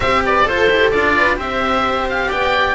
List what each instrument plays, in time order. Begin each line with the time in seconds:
0.00 double bass C4, cello G4, viola C5, oboe E5
0.24 viola B4, oboe D5
0.45 double bass F4, cello A4, viola A4, oboe C5
0.69 double bass E4, cello G4
0.90 double bass D4, cello F4, oboe D5
1.17 viola B4
1.36 double bass C4, cello G4, viola C5, oboe E5
2.09 oboe F5
2.27 double bass B3, viola D5, oboe G5